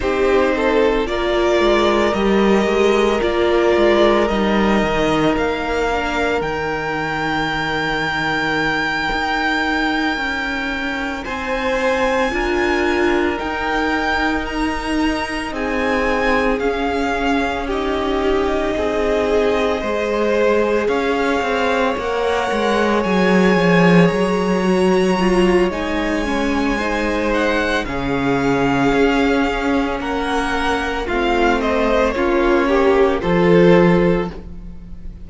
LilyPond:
<<
  \new Staff \with { instrumentName = "violin" } { \time 4/4 \tempo 4 = 56 c''4 d''4 dis''4 d''4 | dis''4 f''4 g''2~ | g''2~ g''8 gis''4.~ | gis''8 g''4 ais''4 gis''4 f''8~ |
f''8 dis''2. f''8~ | f''8 fis''4 gis''4 ais''4. | gis''4. fis''8 f''2 | fis''4 f''8 dis''8 cis''4 c''4 | }
  \new Staff \with { instrumentName = "violin" } { \time 4/4 g'8 a'8 ais'2.~ | ais'1~ | ais'2~ ais'8 c''4 ais'8~ | ais'2~ ais'8 gis'4.~ |
gis'8 g'4 gis'4 c''4 cis''8~ | cis''1~ | cis''4 c''4 gis'2 | ais'4 f'8 c''8 f'8 g'8 a'4 | }
  \new Staff \with { instrumentName = "viola" } { \time 4/4 dis'4 f'4 g'4 f'4 | dis'4. d'8 dis'2~ | dis'2.~ dis'8 f'8~ | f'8 dis'2. cis'8~ |
cis'8 dis'2 gis'4.~ | gis'8 ais'4 gis'4. fis'8 f'8 | dis'8 cis'8 dis'4 cis'2~ | cis'4 c'4 cis'4 f'4 | }
  \new Staff \with { instrumentName = "cello" } { \time 4/4 c'4 ais8 gis8 g8 gis8 ais8 gis8 | g8 dis8 ais4 dis2~ | dis8 dis'4 cis'4 c'4 d'8~ | d'8 dis'2 c'4 cis'8~ |
cis'4. c'4 gis4 cis'8 | c'8 ais8 gis8 fis8 f8 fis4. | gis2 cis4 cis'4 | ais4 a4 ais4 f4 | }
>>